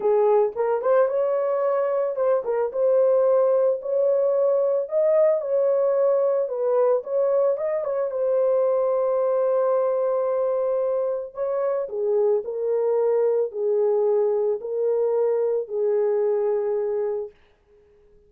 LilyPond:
\new Staff \with { instrumentName = "horn" } { \time 4/4 \tempo 4 = 111 gis'4 ais'8 c''8 cis''2 | c''8 ais'8 c''2 cis''4~ | cis''4 dis''4 cis''2 | b'4 cis''4 dis''8 cis''8 c''4~ |
c''1~ | c''4 cis''4 gis'4 ais'4~ | ais'4 gis'2 ais'4~ | ais'4 gis'2. | }